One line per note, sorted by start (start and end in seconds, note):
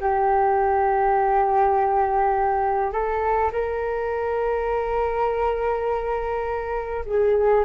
0.00 2.93 G4
2.93 3.51 A4
3.52 7.05 A#4
7.06 7.65 G#4